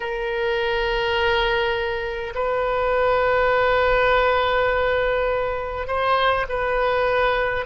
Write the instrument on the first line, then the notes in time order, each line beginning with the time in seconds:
oboe
0.00 A#4
2.35 B4
5.87 C5
6.49 B4